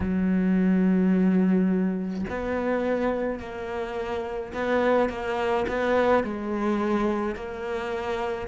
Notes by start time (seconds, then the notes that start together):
0.00 F#3
2.30 B3
3.40 A#3
4.53 B3
5.09 A#3
5.68 B3
6.23 G#3
7.35 A#3